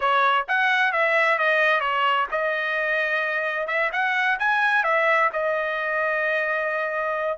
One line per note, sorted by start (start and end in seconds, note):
0.00 0.46 C#5
0.47 0.92 F#5
0.92 1.38 E5
1.38 1.80 D#5
1.80 2.26 C#5
2.31 3.67 D#5
3.67 3.90 E5
3.92 4.38 F#5
4.39 4.83 G#5
4.83 5.30 E5
5.32 7.38 D#5